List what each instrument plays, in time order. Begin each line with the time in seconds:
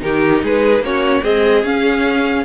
0.00 cello D#3, viola D#4, violin G4 A#4
0.43 cello G#3, violin G#4 B4
0.80 cello A#3, viola C#4, violin F#4 C#5
1.22 viola G#3, cello C4, violin G#4 D#5
1.64 cello C#4, viola C#4, violin F5